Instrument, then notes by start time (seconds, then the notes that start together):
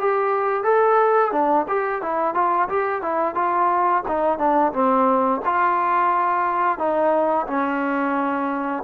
trombone
0.00 G4
0.64 A4
1.33 D4
1.69 G4
2.02 E4
2.35 F4
2.69 G4
3.02 E4
3.35 F4
4.08 D#4
4.39 D4
4.74 C4
5.46 F4
6.79 D#4
7.47 C#4